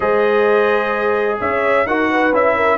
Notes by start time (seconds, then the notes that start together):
0.00 G#3 G#4 C5 D#5
1.40 C#4 C#5 E5
1.85 D#4 F#4 A#4 F#5
2.10 B4
2.32 C#4 E4 E5
2.55 A#4